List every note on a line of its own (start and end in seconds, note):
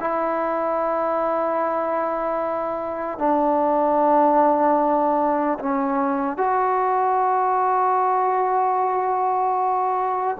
0.00 3.19 E4
3.19 5.59 D4
5.59 6.37 C#4
6.37 10.37 F#4